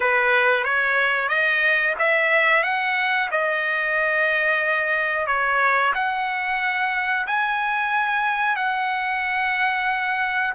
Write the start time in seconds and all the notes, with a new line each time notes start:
0.00 B4
0.64 C#5
1.29 D#5
1.98 E5
2.63 F#5
3.31 D#5
5.26 C#5
5.94 F#5
7.26 G#5
8.55 F#5